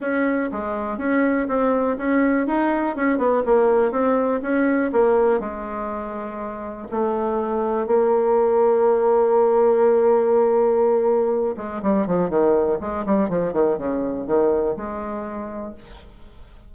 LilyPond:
\new Staff \with { instrumentName = "bassoon" } { \time 4/4 \tempo 4 = 122 cis'4 gis4 cis'4 c'4 | cis'4 dis'4 cis'8 b8 ais4 | c'4 cis'4 ais4 gis4~ | gis2 a2 |
ais1~ | ais2.~ ais8 gis8 | g8 f8 dis4 gis8 g8 f8 dis8 | cis4 dis4 gis2 | }